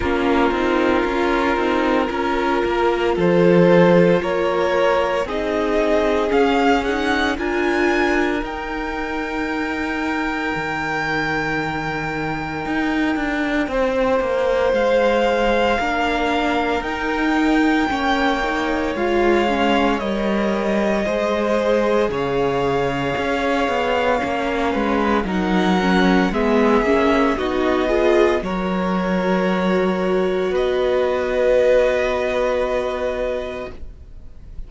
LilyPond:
<<
  \new Staff \with { instrumentName = "violin" } { \time 4/4 \tempo 4 = 57 ais'2. c''4 | cis''4 dis''4 f''8 fis''8 gis''4 | g''1~ | g''2 f''2 |
g''2 f''4 dis''4~ | dis''4 f''2. | fis''4 e''4 dis''4 cis''4~ | cis''4 dis''2. | }
  \new Staff \with { instrumentName = "violin" } { \time 4/4 f'2 ais'4 a'4 | ais'4 gis'2 ais'4~ | ais'1~ | ais'4 c''2 ais'4~ |
ais'4 cis''2. | c''4 cis''2~ cis''8 b'8 | ais'4 gis'4 fis'8 gis'8 ais'4~ | ais'4 b'2. | }
  \new Staff \with { instrumentName = "viola" } { \time 4/4 cis'8 dis'8 f'8 dis'8 f'2~ | f'4 dis'4 cis'8 dis'8 f'4 | dis'1~ | dis'2. d'4 |
dis'4 cis'8 dis'8 f'8 cis'8 ais'4 | gis'2. cis'4 | dis'8 cis'8 b8 cis'8 dis'8 f'8 fis'4~ | fis'1 | }
  \new Staff \with { instrumentName = "cello" } { \time 4/4 ais8 c'8 cis'8 c'8 cis'8 ais8 f4 | ais4 c'4 cis'4 d'4 | dis'2 dis2 | dis'8 d'8 c'8 ais8 gis4 ais4 |
dis'4 ais4 gis4 g4 | gis4 cis4 cis'8 b8 ais8 gis8 | fis4 gis8 ais8 b4 fis4~ | fis4 b2. | }
>>